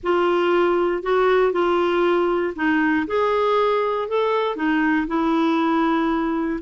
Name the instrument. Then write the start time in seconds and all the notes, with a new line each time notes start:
clarinet
0.03 F4
1.02 F#4
1.52 F4
2.55 D#4
3.07 G#4
4.08 A4
4.56 D#4
5.07 E4